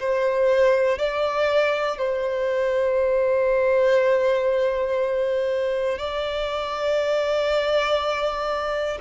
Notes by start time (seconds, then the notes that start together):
0.00 C5
0.98 D5
1.99 C5
5.99 D5